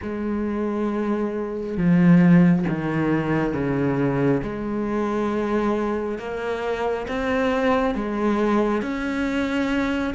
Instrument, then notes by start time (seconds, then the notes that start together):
cello
0.02 G#3
1.76 F3
2.69 D#3
3.53 C#3
4.42 G#3
6.18 A#3
7.07 C4
7.95 G#3
8.82 C#4